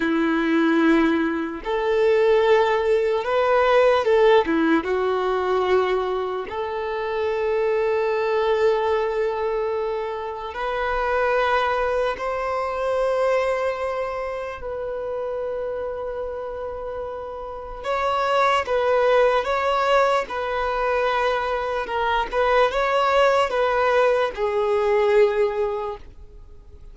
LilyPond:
\new Staff \with { instrumentName = "violin" } { \time 4/4 \tempo 4 = 74 e'2 a'2 | b'4 a'8 e'8 fis'2 | a'1~ | a'4 b'2 c''4~ |
c''2 b'2~ | b'2 cis''4 b'4 | cis''4 b'2 ais'8 b'8 | cis''4 b'4 gis'2 | }